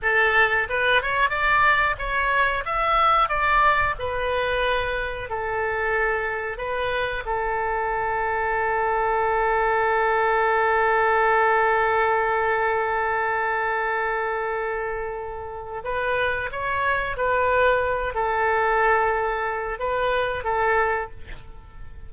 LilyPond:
\new Staff \with { instrumentName = "oboe" } { \time 4/4 \tempo 4 = 91 a'4 b'8 cis''8 d''4 cis''4 | e''4 d''4 b'2 | a'2 b'4 a'4~ | a'1~ |
a'1~ | a'1 | b'4 cis''4 b'4. a'8~ | a'2 b'4 a'4 | }